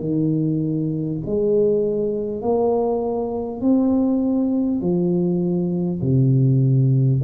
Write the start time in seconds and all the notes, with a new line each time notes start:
0.00 D#3
1.26 G#3
2.42 A#3
3.61 C4
4.81 F3
6.02 C3